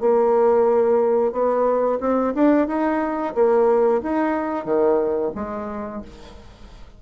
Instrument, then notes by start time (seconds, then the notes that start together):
bassoon
0.00 A#3
1.32 B3
2.00 C4
2.35 D4
2.67 D#4
3.35 A#3
4.02 D#4
4.65 D#3
5.35 G#3